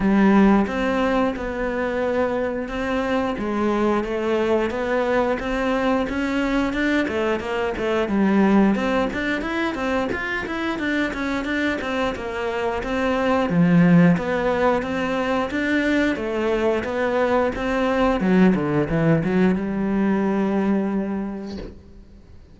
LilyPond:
\new Staff \with { instrumentName = "cello" } { \time 4/4 \tempo 4 = 89 g4 c'4 b2 | c'4 gis4 a4 b4 | c'4 cis'4 d'8 a8 ais8 a8 | g4 c'8 d'8 e'8 c'8 f'8 e'8 |
d'8 cis'8 d'8 c'8 ais4 c'4 | f4 b4 c'4 d'4 | a4 b4 c'4 fis8 d8 | e8 fis8 g2. | }